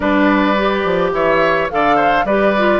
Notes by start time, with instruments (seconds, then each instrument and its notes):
0.00 bassoon G3, clarinet D4, oboe B4, flute D5
0.57 clarinet G4
0.84 bassoon F3
1.12 bassoon E3, oboe C#5, flute E5
1.70 bassoon D3, clarinet A4, oboe D5, flute F5
1.96 oboe C5
2.24 bassoon G3, clarinet G4, oboe B4, flute D5
2.57 clarinet F4